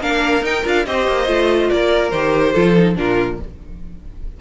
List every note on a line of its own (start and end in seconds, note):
0.00 0.41 A#3
0.00 0.42 D4
0.00 0.86 A#4
0.00 0.44 F5
0.41 0.62 D#4
0.41 0.64 D#4
0.41 0.66 G5
0.65 0.86 D4
0.65 0.86 F4
0.65 0.86 F5
0.86 1.07 C4
0.86 1.26 G4
0.86 1.71 C5
0.86 1.70 D#5
1.07 1.27 A#3
1.26 1.69 A3
1.26 2.10 F4
1.70 2.12 A#3
1.70 2.52 A#4
1.70 2.10 D5
2.10 2.54 D#3
2.10 2.55 G4
2.10 2.95 C5
2.52 2.97 F3
2.52 2.76 F4
2.52 2.95 A4
2.77 2.95 D#4
2.95 3.39 A#2
2.95 3.37 D4
2.95 3.40 F4
2.95 3.40 A#4